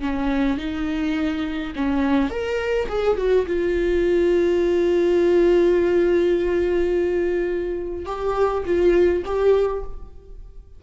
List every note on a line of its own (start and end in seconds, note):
0.00 0.57 C#4
0.57 1.73 D#4
1.75 2.30 C#4
2.30 2.87 A#4
2.88 3.17 G#4
3.17 3.46 F#4
3.46 8.06 F4
8.06 8.63 G4
8.65 9.23 F4
9.25 9.83 G4